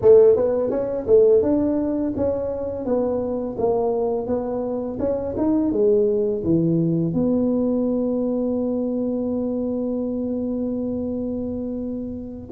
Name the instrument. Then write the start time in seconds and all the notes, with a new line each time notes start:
tuba
0.01 A3
0.36 B3
0.70 C#4
1.06 A3
1.42 D4
2.16 C#4
2.85 B3
3.57 A#3
4.26 B3
4.99 C#4
5.37 D#4
5.71 G#3
6.43 E3
7.13 B3